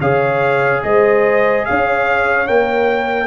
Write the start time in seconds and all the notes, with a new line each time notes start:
0.00 C#3 G#4 C#5 F5
0.83 G#3 C5 D#5
1.65 C#4 C#5 F5
2.46 A#3 A#4 G5